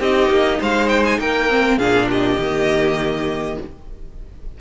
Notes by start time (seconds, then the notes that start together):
0.00 C4 D#4 G4 D#5
0.29 A#3
0.60 G#3 C5 F5
0.88 G5
1.05 G#5
1.18 A#3 A#4 G5
1.49 C4
1.78 A#2 D4 G#4 F5
2.10 G4 D#5
2.38 D#3 A#3